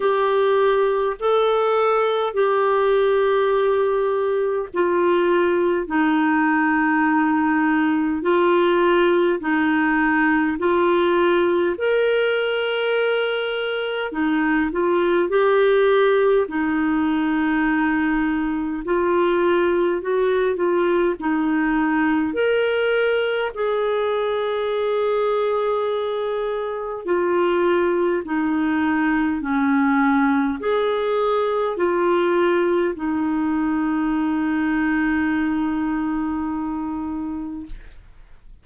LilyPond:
\new Staff \with { instrumentName = "clarinet" } { \time 4/4 \tempo 4 = 51 g'4 a'4 g'2 | f'4 dis'2 f'4 | dis'4 f'4 ais'2 | dis'8 f'8 g'4 dis'2 |
f'4 fis'8 f'8 dis'4 ais'4 | gis'2. f'4 | dis'4 cis'4 gis'4 f'4 | dis'1 | }